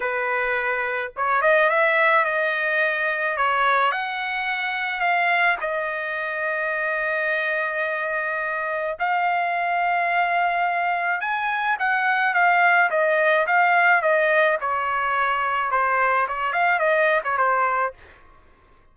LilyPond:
\new Staff \with { instrumentName = "trumpet" } { \time 4/4 \tempo 4 = 107 b'2 cis''8 dis''8 e''4 | dis''2 cis''4 fis''4~ | fis''4 f''4 dis''2~ | dis''1 |
f''1 | gis''4 fis''4 f''4 dis''4 | f''4 dis''4 cis''2 | c''4 cis''8 f''8 dis''8. cis''16 c''4 | }